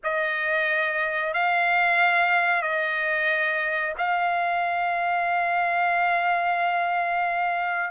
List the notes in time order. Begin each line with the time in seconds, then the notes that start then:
0.03 D#5
1.33 F5
2.62 D#5
3.98 F5